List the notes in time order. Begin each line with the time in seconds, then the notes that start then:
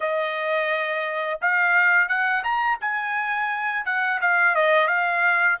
0.00 D#5
1.41 F5
2.08 F#5
2.43 A#5
2.80 G#5
3.85 F#5
4.21 F5
4.55 D#5
4.87 F5